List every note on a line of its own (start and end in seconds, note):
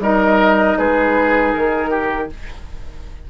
0.00 0.76 G3
0.00 2.30 D#4
0.00 0.78 A#4
0.00 0.78 D#5
0.78 1.54 G#3
0.78 1.90 G#4
0.78 1.53 B4
1.53 2.30 D#3
1.53 2.29 A#4
1.90 2.28 G4